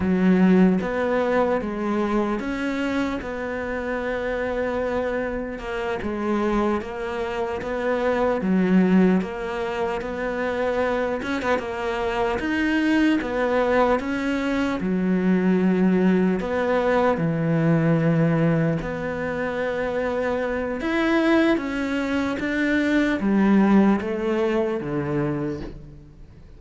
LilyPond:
\new Staff \with { instrumentName = "cello" } { \time 4/4 \tempo 4 = 75 fis4 b4 gis4 cis'4 | b2. ais8 gis8~ | gis8 ais4 b4 fis4 ais8~ | ais8 b4. cis'16 b16 ais4 dis'8~ |
dis'8 b4 cis'4 fis4.~ | fis8 b4 e2 b8~ | b2 e'4 cis'4 | d'4 g4 a4 d4 | }